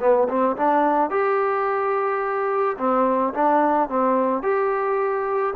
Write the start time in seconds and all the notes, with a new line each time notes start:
0.00 B3
0.28 C4
0.57 D4
1.10 G4
2.78 C4
3.34 D4
3.89 C4
4.42 G4